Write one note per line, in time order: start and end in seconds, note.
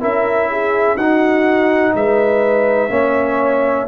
0.00 0.96 C#4
0.00 0.97 E4
0.00 0.49 A#4
0.00 0.97 E5
0.50 0.96 G#4
0.96 1.93 D#4
0.96 2.89 D#4
0.96 1.92 F#4
0.96 1.94 F#5
1.95 2.89 G#3
1.95 2.91 B4
1.95 3.87 E5
2.89 3.86 A#3
2.89 3.86 C#4
2.89 3.87 C#5